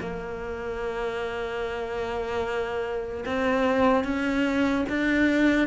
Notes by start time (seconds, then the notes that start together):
0.00 A#3
3.25 C4
4.04 C#4
4.89 D4